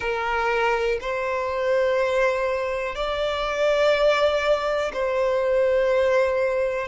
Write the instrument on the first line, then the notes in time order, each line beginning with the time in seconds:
violin
0.00 A#4
1.01 C5
2.95 D5
4.93 C5